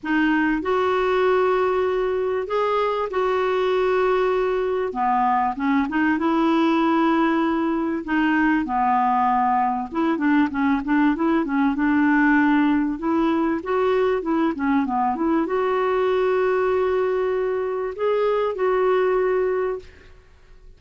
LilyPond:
\new Staff \with { instrumentName = "clarinet" } { \time 4/4 \tempo 4 = 97 dis'4 fis'2. | gis'4 fis'2. | b4 cis'8 dis'8 e'2~ | e'4 dis'4 b2 |
e'8 d'8 cis'8 d'8 e'8 cis'8 d'4~ | d'4 e'4 fis'4 e'8 cis'8 | b8 e'8 fis'2.~ | fis'4 gis'4 fis'2 | }